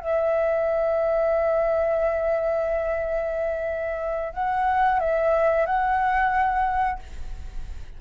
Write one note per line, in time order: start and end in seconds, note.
0.00 4.33 E5
4.33 5.00 F#5
5.00 5.66 E5
5.66 7.00 F#5